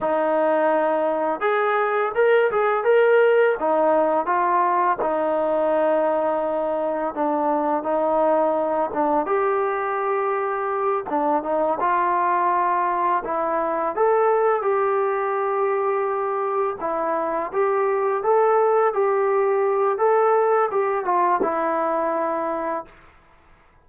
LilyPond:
\new Staff \with { instrumentName = "trombone" } { \time 4/4 \tempo 4 = 84 dis'2 gis'4 ais'8 gis'8 | ais'4 dis'4 f'4 dis'4~ | dis'2 d'4 dis'4~ | dis'8 d'8 g'2~ g'8 d'8 |
dis'8 f'2 e'4 a'8~ | a'8 g'2. e'8~ | e'8 g'4 a'4 g'4. | a'4 g'8 f'8 e'2 | }